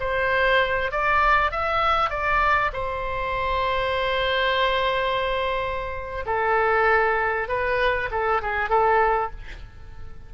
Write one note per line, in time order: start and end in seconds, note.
0.00 0.92 C5
0.92 1.52 D5
1.52 2.10 E5
2.10 2.71 D5
2.73 6.25 C5
6.26 7.48 A4
7.48 8.10 B4
8.11 8.42 A4
8.42 8.70 G#4
8.70 9.31 A4